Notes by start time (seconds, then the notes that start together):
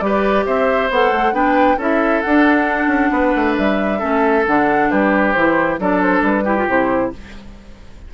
0.00 G3 G4 B4 D5
0.46 C4 C5 E5
0.90 B3 A4 F#5
1.11 A3
1.33 B3 D4 B4 G5
1.77 C#4 E4 A4 E5
2.21 D4 F#5
2.27 D4
2.87 C#4
3.11 B3 B4
3.36 A3
3.57 G3 E5
3.99 A3 C#4 A4
4.46 D3 D4 F#5
4.91 G3 G4 B4
5.32 E3 E4 C5
5.79 F#3 D4 A4 D5
6.01 C5
6.22 G3 B4
6.44 E4 G4
6.57 F4
6.68 C3 E4 C5